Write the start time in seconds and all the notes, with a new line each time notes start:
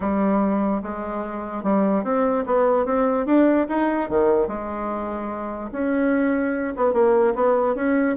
0.00 G3
0.82 G#3
1.63 G3
2.04 C4
2.45 B3
2.85 C4
3.26 D4
3.68 D#4
4.09 D#3
4.47 G#3
5.72 C#4
6.76 B3
6.93 A#3
7.34 B3
7.75 C#4